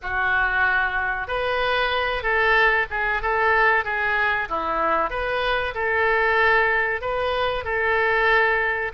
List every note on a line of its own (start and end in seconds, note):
0.02 1.27 F#4
1.27 2.22 B4
2.22 2.86 A4
2.90 3.22 G#4
3.22 3.84 A4
3.84 4.48 G#4
4.49 5.10 E4
5.10 5.74 B4
5.74 7.01 A4
7.01 7.64 B4
7.64 8.92 A4